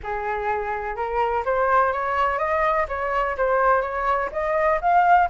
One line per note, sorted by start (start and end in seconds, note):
0.03 0.95 G#4
0.95 1.43 A#4
1.45 1.92 C5
1.92 2.38 C#5
2.38 2.86 D#5
2.88 3.36 C#5
3.37 3.81 C5
3.81 4.29 C#5
4.32 4.80 D#5
4.81 5.29 F5